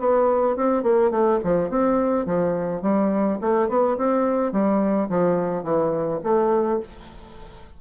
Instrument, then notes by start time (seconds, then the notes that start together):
bassoon
0.00 B3
0.57 C4
0.83 A#3
1.11 A3
1.44 F3
1.70 C4
2.26 F3
2.83 G3
3.41 A3
3.69 B3
3.98 C4
4.53 G3
5.10 F3
5.64 E3
6.24 A3